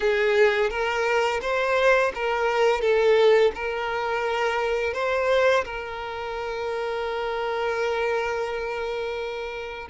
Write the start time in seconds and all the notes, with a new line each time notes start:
0.00 G#4
0.70 A#4
1.41 C5
2.14 A#4
2.81 A4
3.54 A#4
4.93 C5
5.64 A#4